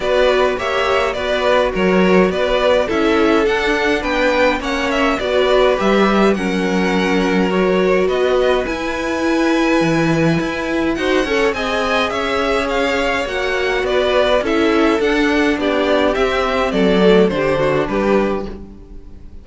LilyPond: <<
  \new Staff \with { instrumentName = "violin" } { \time 4/4 \tempo 4 = 104 d''4 e''4 d''4 cis''4 | d''4 e''4 fis''4 g''4 | fis''8 e''8 d''4 e''4 fis''4~ | fis''4 cis''4 dis''4 gis''4~ |
gis''2. fis''4 | gis''4 e''4 f''4 fis''4 | d''4 e''4 fis''4 d''4 | e''4 d''4 c''4 b'4 | }
  \new Staff \with { instrumentName = "violin" } { \time 4/4 b'4 cis''4 b'4 ais'4 | b'4 a'2 b'4 | cis''4 b'2 ais'4~ | ais'2 b'2~ |
b'2. c''8 cis''8 | dis''4 cis''2. | b'4 a'2 g'4~ | g'4 a'4 g'8 fis'8 g'4 | }
  \new Staff \with { instrumentName = "viola" } { \time 4/4 fis'4 g'4 fis'2~ | fis'4 e'4 d'2 | cis'4 fis'4 g'4 cis'4~ | cis'4 fis'2 e'4~ |
e'2. fis'8 a'8 | gis'2. fis'4~ | fis'4 e'4 d'2 | c'4. a8 d'2 | }
  \new Staff \with { instrumentName = "cello" } { \time 4/4 b4 ais4 b4 fis4 | b4 cis'4 d'4 b4 | ais4 b4 g4 fis4~ | fis2 b4 e'4~ |
e'4 e4 e'4 dis'8 cis'8 | c'4 cis'2 ais4 | b4 cis'4 d'4 b4 | c'4 fis4 d4 g4 | }
>>